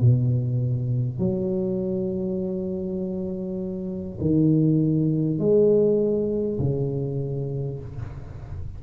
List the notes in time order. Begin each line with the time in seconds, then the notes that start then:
0.00 B2
1.18 F#3
4.20 D#3
5.38 G#3
6.59 C#3